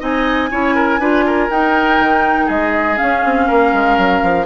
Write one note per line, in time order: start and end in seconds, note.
0.00 0.51 C4
0.00 0.50 D#4
0.00 0.50 D#5
0.00 1.51 G#5
0.51 0.99 C#4
0.51 1.01 E4
0.51 0.75 C#5
0.75 1.00 A#4
0.99 1.49 D4
0.99 1.50 F4
0.99 1.25 B4
1.27 2.46 A#4
1.51 2.00 D#4
1.51 2.97 D#4
1.51 2.50 G5
2.00 2.49 D#3
2.46 2.99 G#3
2.46 3.45 G#4
2.46 2.98 D#5
2.97 4.46 C#4
2.97 3.25 C#4
2.97 4.46 F5
3.25 3.50 C4
3.48 3.74 A#3
3.48 4.46 A#4
3.74 3.98 G#3
3.98 4.23 F#3
4.23 4.46 F3